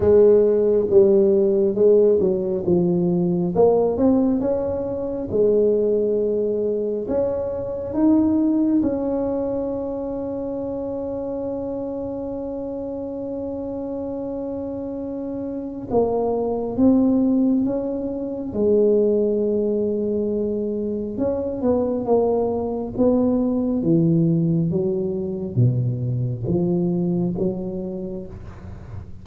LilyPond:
\new Staff \with { instrumentName = "tuba" } { \time 4/4 \tempo 4 = 68 gis4 g4 gis8 fis8 f4 | ais8 c'8 cis'4 gis2 | cis'4 dis'4 cis'2~ | cis'1~ |
cis'2 ais4 c'4 | cis'4 gis2. | cis'8 b8 ais4 b4 e4 | fis4 b,4 f4 fis4 | }